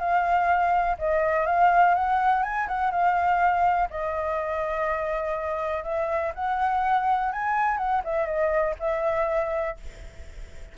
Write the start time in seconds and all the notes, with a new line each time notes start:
0.00 F5
0.99 D#5
1.47 F5
1.95 F#5
2.43 G#5
2.68 F#5
2.91 F5
3.90 D#5
5.84 E5
6.35 F#5
7.32 G#5
7.78 F#5
8.04 E5
8.26 D#5
8.80 E5